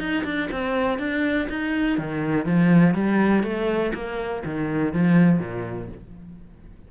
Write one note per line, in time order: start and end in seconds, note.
0.00 0.25 D#4
0.25 0.50 D4
0.52 0.99 C4
0.99 1.48 D4
1.50 1.99 D#4
1.99 2.46 D#3
2.46 2.95 F3
2.95 3.44 G3
3.44 3.93 A3
3.94 4.44 A#3
4.46 4.94 D#3
4.94 5.40 F3
5.40 5.89 A#2